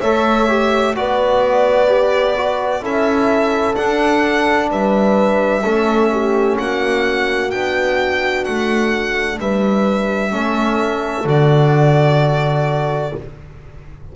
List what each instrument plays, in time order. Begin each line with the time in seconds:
0.00 double bass A3, trombone A4, horn C#5, violin E5
0.49 trombone G4
0.95 double bass B3, trombone F#4, horn B4, violin D5
1.88 trombone G4
2.37 trombone F#4
2.82 double bass C#4, trombone E4, horn A4, violin E5
3.75 trombone D4, double bass D4, violin F#5
4.71 double bass G3, horn B4, violin E5
5.63 double bass A3, trombone C#4, horn A4
6.12 horn G4
6.58 double bass A#3, horn F#4, violin F#5
7.50 double bass B3, trombone D4, violin G5
8.45 double bass A3, violin F#5
9.39 double bass G3, horn B4, violin E5
10.31 double bass A3, trombone C#4, horn A4
11.25 double bass D3, trombone F#4, violin D5